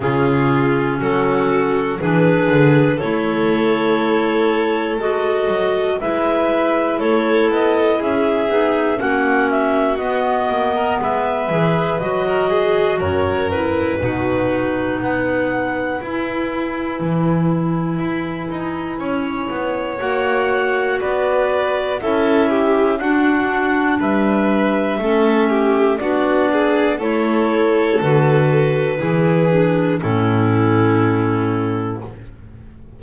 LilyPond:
<<
  \new Staff \with { instrumentName = "clarinet" } { \time 4/4 \tempo 4 = 60 gis'4 a'4 b'4 cis''4~ | cis''4 dis''4 e''4 cis''8 dis''8 | e''4 fis''8 e''8 dis''4 e''4 | dis''4 cis''8 b'4. fis''4 |
gis''1 | fis''4 d''4 e''4 fis''4 | e''2 d''4 cis''4 | b'2 a'2 | }
  \new Staff \with { instrumentName = "violin" } { \time 4/4 f'4 fis'4 gis'4 a'4~ | a'2 b'4 a'4 | gis'4 fis'4.~ fis'16 ais'16 b'4~ | b'16 ais'16 gis'8 ais'4 fis'4 b'4~ |
b'2. cis''4~ | cis''4 b'4 a'8 g'8 fis'4 | b'4 a'8 g'8 fis'8 gis'8 a'4~ | a'4 gis'4 e'2 | }
  \new Staff \with { instrumentName = "clarinet" } { \time 4/4 cis'2 d'4 e'4~ | e'4 fis'4 e'2~ | e'8 dis'8 cis'4 b4. gis'8 | fis'4. e'8 dis'2 |
e'1 | fis'2 e'4 d'4~ | d'4 cis'4 d'4 e'4 | fis'4 e'8 d'8 cis'2 | }
  \new Staff \with { instrumentName = "double bass" } { \time 4/4 cis4 fis4 e8 d8 a4~ | a4 gis8 fis8 gis4 a8 b8 | cis'8 b8 ais4 b8 ais8 gis8 e8 | fis4 fis,4 b,4 b4 |
e'4 e4 e'8 dis'8 cis'8 b8 | ais4 b4 cis'4 d'4 | g4 a4 b4 a4 | d4 e4 a,2 | }
>>